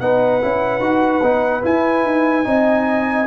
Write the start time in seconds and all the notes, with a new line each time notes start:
0.00 B3 D#4 B4 F#5
0.41 C#4 E4
0.80 D#4 F#4
1.22 B3 D#4
1.62 E4 G#5
2.05 D#4
2.44 C4 D#4 D#5